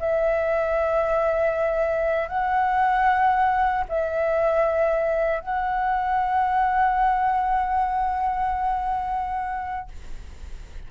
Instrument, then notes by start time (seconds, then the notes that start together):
flute
0.00 E5
2.29 F#5
3.89 E5
5.41 F#5